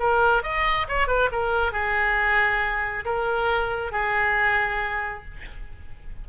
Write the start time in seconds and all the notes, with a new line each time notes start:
0.00 A#4
0.44 D#5
0.89 C#5
1.08 B4
1.32 A#4
1.73 G#4
3.05 A#4
3.92 G#4